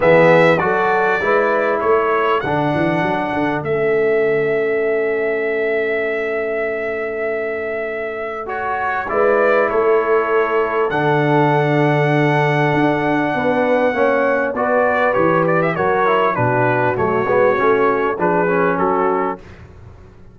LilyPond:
<<
  \new Staff \with { instrumentName = "trumpet" } { \time 4/4 \tempo 4 = 99 e''4 d''2 cis''4 | fis''2 e''2~ | e''1~ | e''2 cis''4 d''4 |
cis''2 fis''2~ | fis''1 | d''4 cis''8 d''16 e''16 cis''4 b'4 | cis''2 b'4 a'4 | }
  \new Staff \with { instrumentName = "horn" } { \time 4/4 gis'4 a'4 b'4 a'4~ | a'1~ | a'1~ | a'2. b'4 |
a'1~ | a'2 b'4 cis''4 | b'2 ais'4 fis'4~ | fis'2 gis'4 fis'4 | }
  \new Staff \with { instrumentName = "trombone" } { \time 4/4 b4 fis'4 e'2 | d'2 cis'2~ | cis'1~ | cis'2 fis'4 e'4~ |
e'2 d'2~ | d'2. cis'4 | fis'4 g'4 fis'8 e'8 d'4 | a8 b8 cis'4 d'8 cis'4. | }
  \new Staff \with { instrumentName = "tuba" } { \time 4/4 e4 fis4 gis4 a4 | d8 e8 fis8 d8 a2~ | a1~ | a2. gis4 |
a2 d2~ | d4 d'4 b4 ais4 | b4 e4 fis4 b,4 | fis8 gis8 a4 f4 fis4 | }
>>